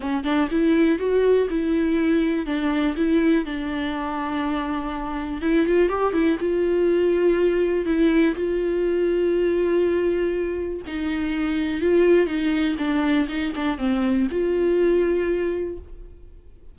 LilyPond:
\new Staff \with { instrumentName = "viola" } { \time 4/4 \tempo 4 = 122 cis'8 d'8 e'4 fis'4 e'4~ | e'4 d'4 e'4 d'4~ | d'2. e'8 f'8 | g'8 e'8 f'2. |
e'4 f'2.~ | f'2 dis'2 | f'4 dis'4 d'4 dis'8 d'8 | c'4 f'2. | }